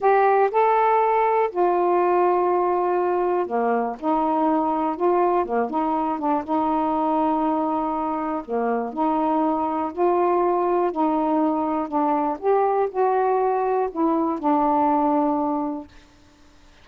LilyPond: \new Staff \with { instrumentName = "saxophone" } { \time 4/4 \tempo 4 = 121 g'4 a'2 f'4~ | f'2. ais4 | dis'2 f'4 ais8 dis'8~ | dis'8 d'8 dis'2.~ |
dis'4 ais4 dis'2 | f'2 dis'2 | d'4 g'4 fis'2 | e'4 d'2. | }